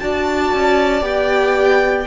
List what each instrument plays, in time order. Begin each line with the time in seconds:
0.00 cello D4, viola F#4, violin D5 A5
0.54 cello C#4
1.01 cello B3, viola G4, violin G5